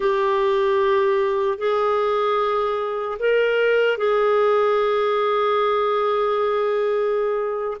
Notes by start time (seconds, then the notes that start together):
0.00 G4
1.58 G#4
3.19 A#4
3.97 G#4